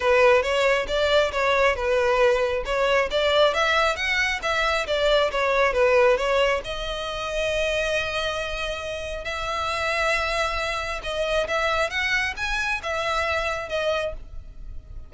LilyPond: \new Staff \with { instrumentName = "violin" } { \time 4/4 \tempo 4 = 136 b'4 cis''4 d''4 cis''4 | b'2 cis''4 d''4 | e''4 fis''4 e''4 d''4 | cis''4 b'4 cis''4 dis''4~ |
dis''1~ | dis''4 e''2.~ | e''4 dis''4 e''4 fis''4 | gis''4 e''2 dis''4 | }